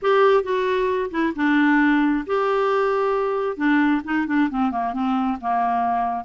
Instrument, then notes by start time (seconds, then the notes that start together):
clarinet
0.02 G4
0.43 F#4
1.10 E4
1.35 D4
2.26 G4
3.56 D4
4.04 D#4
4.26 D4
4.50 C4
4.71 A#3
4.93 C4
5.40 A#3